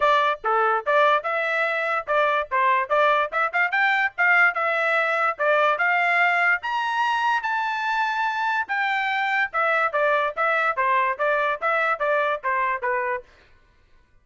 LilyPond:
\new Staff \with { instrumentName = "trumpet" } { \time 4/4 \tempo 4 = 145 d''4 a'4 d''4 e''4~ | e''4 d''4 c''4 d''4 | e''8 f''8 g''4 f''4 e''4~ | e''4 d''4 f''2 |
ais''2 a''2~ | a''4 g''2 e''4 | d''4 e''4 c''4 d''4 | e''4 d''4 c''4 b'4 | }